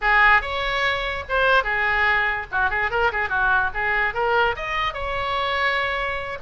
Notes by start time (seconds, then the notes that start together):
0.01 G#4
0.41 C#5
1.28 C5
1.63 G#4
2.51 F#4
2.70 G#4
2.91 A#4
3.12 G#4
3.29 F#4
3.74 G#4
4.14 A#4
4.56 D#5
4.93 C#5